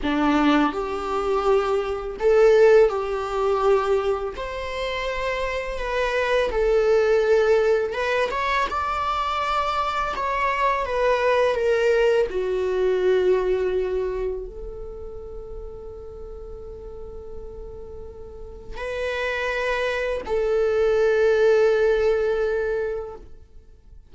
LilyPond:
\new Staff \with { instrumentName = "viola" } { \time 4/4 \tempo 4 = 83 d'4 g'2 a'4 | g'2 c''2 | b'4 a'2 b'8 cis''8 | d''2 cis''4 b'4 |
ais'4 fis'2. | a'1~ | a'2 b'2 | a'1 | }